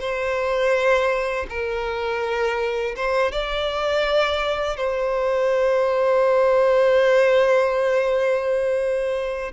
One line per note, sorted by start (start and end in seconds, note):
0.00 1.46 C5
1.50 2.96 A#4
2.96 3.32 C5
3.32 4.77 D5
4.77 9.53 C5